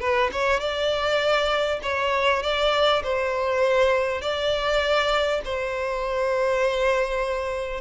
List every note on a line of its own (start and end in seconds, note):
0.00 0.30 B4
0.32 0.59 C#5
0.59 1.79 D5
1.82 2.42 C#5
2.42 3.02 D5
3.03 4.21 C5
4.21 5.41 D5
5.44 7.81 C5